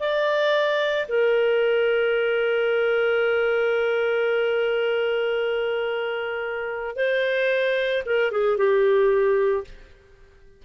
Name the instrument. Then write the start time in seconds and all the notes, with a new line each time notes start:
clarinet
0.00 D5
1.08 A#4
6.96 C5
8.06 A#4
8.32 G#4
8.57 G4